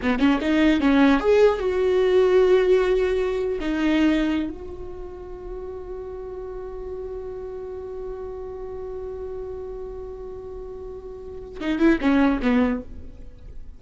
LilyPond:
\new Staff \with { instrumentName = "viola" } { \time 4/4 \tempo 4 = 150 b8 cis'8 dis'4 cis'4 gis'4 | fis'1~ | fis'4 dis'2~ dis'16 fis'8.~ | fis'1~ |
fis'1~ | fis'1~ | fis'1~ | fis'4 dis'8 e'8 cis'4 b4 | }